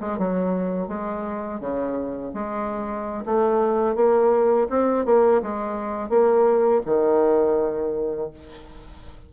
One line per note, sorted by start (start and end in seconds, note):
0.00 0.18 G#3
0.18 0.87 F#3
0.87 1.60 G#3
1.60 2.32 C#3
2.33 3.24 G#3
3.25 3.95 A3
3.95 4.67 A#3
4.70 5.05 C4
5.05 5.41 A#3
5.42 6.09 G#3
6.09 6.81 A#3
6.86 8.30 D#3